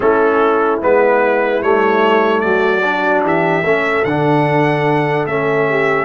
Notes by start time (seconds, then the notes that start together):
0.00 A3 C#4 E4 A4
0.81 G#3 B3 B4
1.61 G3 A3 C#5
2.40 F#3 F#4 D5
2.82 D4
3.23 E3 G4 E5
3.63 A3 C#4 A4
4.04 D3 D4 F#5
5.26 A3 C#4 E5
5.69 G4